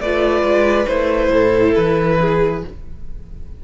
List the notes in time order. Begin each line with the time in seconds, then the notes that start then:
0.00 A3 F4 B4 D5
0.42 G#3
0.86 A3 E4 C5
1.29 A2 A4
1.75 E3 B4
2.20 G#4